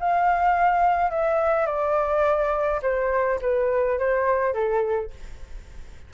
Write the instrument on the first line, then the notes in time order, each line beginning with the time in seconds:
flute
0.00 F5
1.11 E5
1.66 D5
2.82 C5
3.42 B4
3.99 C5
4.53 A4